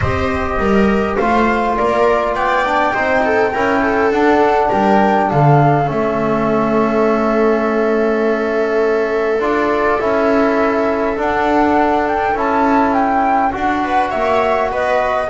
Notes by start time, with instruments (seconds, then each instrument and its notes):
0.00 double bass C4, trombone G4, viola C5, flute D#5
0.58 double bass G3, viola A#4
1.16 double bass A3, trombone F4, viola C5, flute F5
1.76 double bass A#3, viola A#4, flute D5
2.34 double bass B3, viola D5, flute G5
2.65 trombone D4
2.93 double bass C4, trombone D#4, viola C5
3.24 viola A4
3.52 double bass C#4, trombone E4, viola A#4
3.81 viola A4
4.11 double bass D4, trombone D4, flute F#5
4.69 double bass G3, viola A#4, flute G5
5.30 double bass D3, viola A4, flute F5
5.85 double bass A3, trombone C#4, flute E5
9.39 double bass D4, trombone F4, flute D5
9.99 double bass C#4, trombone E4, flute E5
11.16 trombone D4, double bass D4, flute F#5
12.07 flute G5
12.34 double bass C#4, trombone E4, flute A5
12.93 flute G5
13.52 double bass D4, trombone F#4, flute F#5
13.83 viola B4
14.10 double bass A#3, viola C#5, flute E5
14.71 double bass B3, viola B4, flute D#5